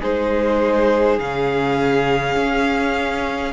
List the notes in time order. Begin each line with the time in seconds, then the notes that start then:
0.00 G#3 D#4 G#4 C5
1.19 C#3 C#4 F5
2.37 C#4